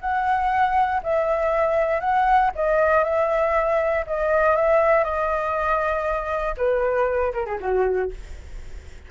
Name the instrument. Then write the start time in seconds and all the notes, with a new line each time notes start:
flute
0.00 F#5
1.03 E5
2.00 F#5
2.55 D#5
3.04 E5
4.07 D#5
4.56 E5
5.04 D#5
6.57 B4
7.33 A#4
7.46 G#4
7.60 F#4